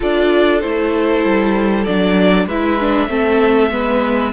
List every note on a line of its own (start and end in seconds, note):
0.00 0.63 D4
0.00 0.61 F4
0.00 2.46 A4
0.00 0.60 D5
0.60 1.24 A3
0.60 1.86 E4
0.60 1.84 C5
1.24 1.86 G3
1.84 2.46 F#3
1.84 2.48 D4
1.84 2.46 D5
2.46 3.08 G#3
2.46 2.80 E4
2.46 3.09 B4
2.46 4.32 E5
2.80 3.07 D4
3.07 3.70 A3
3.07 3.69 C4
3.07 3.72 A4
3.70 4.32 G#3
3.70 4.32 B3
3.70 4.32 B4